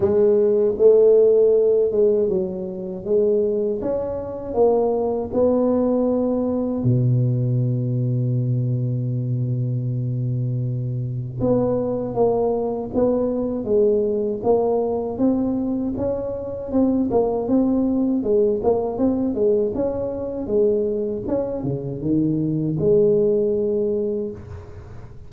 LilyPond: \new Staff \with { instrumentName = "tuba" } { \time 4/4 \tempo 4 = 79 gis4 a4. gis8 fis4 | gis4 cis'4 ais4 b4~ | b4 b,2.~ | b,2. b4 |
ais4 b4 gis4 ais4 | c'4 cis'4 c'8 ais8 c'4 | gis8 ais8 c'8 gis8 cis'4 gis4 | cis'8 cis8 dis4 gis2 | }